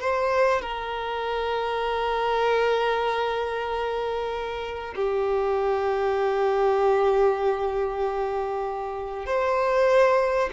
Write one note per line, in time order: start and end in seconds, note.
0.00 0.61 C5
0.61 4.94 A#4
4.95 9.26 G4
9.26 10.49 C5